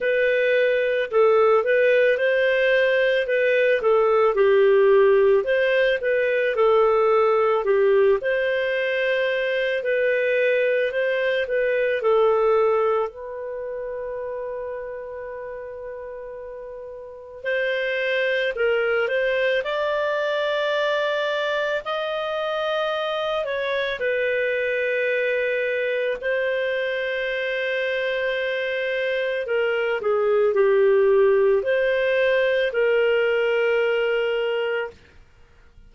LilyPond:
\new Staff \with { instrumentName = "clarinet" } { \time 4/4 \tempo 4 = 55 b'4 a'8 b'8 c''4 b'8 a'8 | g'4 c''8 b'8 a'4 g'8 c''8~ | c''4 b'4 c''8 b'8 a'4 | b'1 |
c''4 ais'8 c''8 d''2 | dis''4. cis''8 b'2 | c''2. ais'8 gis'8 | g'4 c''4 ais'2 | }